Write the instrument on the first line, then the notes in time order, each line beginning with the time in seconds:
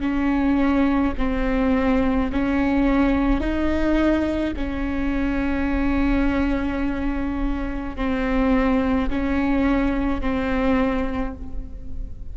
viola
0.00 C#4
1.18 C4
2.32 C#4
3.41 D#4
4.56 C#4
7.96 C4
9.10 C#4
10.21 C4